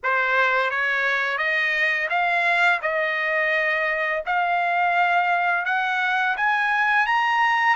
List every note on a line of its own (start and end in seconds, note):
0.03 0.70 C5
0.70 1.38 C#5
1.38 2.08 D#5
2.09 2.80 F5
2.82 4.23 D#5
4.26 5.65 F5
5.65 6.35 F#5
6.36 7.06 G#5
7.06 7.75 A#5